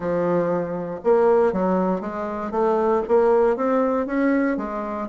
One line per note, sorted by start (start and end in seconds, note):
0.00 1.00 F3
1.04 1.52 A#3
1.52 2.01 F#3
2.01 2.51 G#3
2.51 3.02 A3
3.08 3.56 A#3
3.56 4.06 C4
4.06 4.57 C#4
4.57 5.08 G#3